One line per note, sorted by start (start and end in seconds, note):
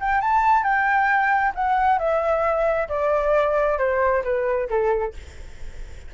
0.00 0.21 G5
0.21 0.63 A5
0.63 1.52 G5
1.54 1.98 F#5
1.98 2.88 E5
2.88 3.78 D5
3.78 4.23 C5
4.23 4.68 B4
4.69 5.14 A4